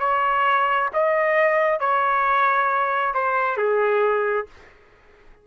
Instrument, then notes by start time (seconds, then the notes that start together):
trumpet
0.00 C#5
0.94 D#5
1.80 C#5
3.14 C5
3.57 G#4